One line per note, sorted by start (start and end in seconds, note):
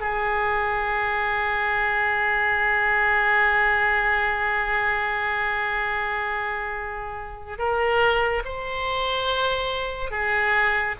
0.00 7.59 G#4
7.59 8.43 A#4
8.45 10.11 C5
10.11 10.96 G#4